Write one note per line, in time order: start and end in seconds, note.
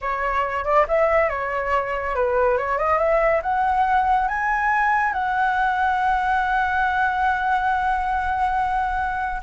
0.01 0.64 C#5
0.64 0.86 D5
0.87 1.29 E5
1.29 2.15 C#5
2.15 2.57 B4
2.57 2.78 C#5
2.78 2.98 D#5
2.98 3.41 E5
3.42 4.28 F#5
4.28 5.12 G#5
5.12 9.41 F#5